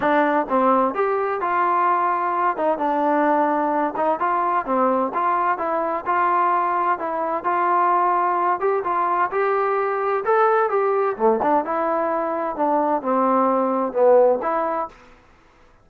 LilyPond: \new Staff \with { instrumentName = "trombone" } { \time 4/4 \tempo 4 = 129 d'4 c'4 g'4 f'4~ | f'4. dis'8 d'2~ | d'8 dis'8 f'4 c'4 f'4 | e'4 f'2 e'4 |
f'2~ f'8 g'8 f'4 | g'2 a'4 g'4 | a8 d'8 e'2 d'4 | c'2 b4 e'4 | }